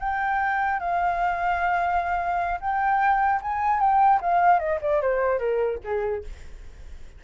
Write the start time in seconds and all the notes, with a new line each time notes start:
0.00 G5
0.80 F5
2.61 G5
3.42 G#5
3.80 G5
4.22 F5
4.59 D#5
4.82 D5
5.02 C5
5.39 A#4
5.85 G#4